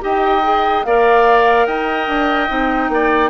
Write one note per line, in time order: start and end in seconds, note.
0.00 0.85 D#4
0.00 0.41 G4
0.00 0.86 D#5
0.00 0.84 G5
0.43 0.84 G#4
0.84 1.67 A#3
0.84 2.48 A#4
0.84 1.66 D5
0.84 1.66 F5
1.66 2.07 D#4
1.66 2.90 D#5
1.66 3.30 G5
2.07 2.48 D4
2.48 2.89 C4
2.48 3.30 D#4
2.89 3.30 A#3
2.89 3.30 D5